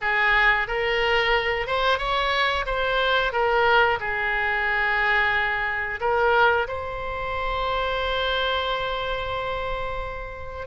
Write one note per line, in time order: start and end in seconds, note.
0.01 0.67 G#4
0.67 1.66 A#4
1.66 1.98 C5
1.98 2.65 C#5
2.65 3.32 C5
3.32 3.98 A#4
4.00 6.00 G#4
6.00 6.67 A#4
6.67 10.67 C5